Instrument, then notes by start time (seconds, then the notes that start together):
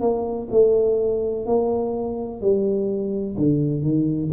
tuba
0.00 A#3
0.51 A3
1.46 A#3
2.41 G3
3.37 D3
3.82 D#3